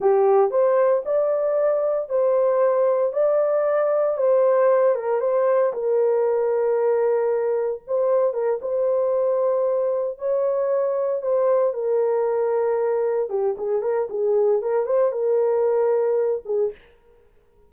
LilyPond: \new Staff \with { instrumentName = "horn" } { \time 4/4 \tempo 4 = 115 g'4 c''4 d''2 | c''2 d''2 | c''4. ais'8 c''4 ais'4~ | ais'2. c''4 |
ais'8 c''2. cis''8~ | cis''4. c''4 ais'4.~ | ais'4. g'8 gis'8 ais'8 gis'4 | ais'8 c''8 ais'2~ ais'8 gis'8 | }